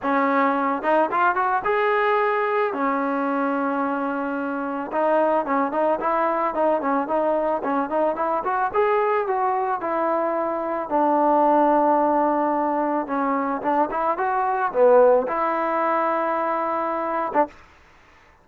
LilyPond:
\new Staff \with { instrumentName = "trombone" } { \time 4/4 \tempo 4 = 110 cis'4. dis'8 f'8 fis'8 gis'4~ | gis'4 cis'2.~ | cis'4 dis'4 cis'8 dis'8 e'4 | dis'8 cis'8 dis'4 cis'8 dis'8 e'8 fis'8 |
gis'4 fis'4 e'2 | d'1 | cis'4 d'8 e'8 fis'4 b4 | e'2.~ e'8. d'16 | }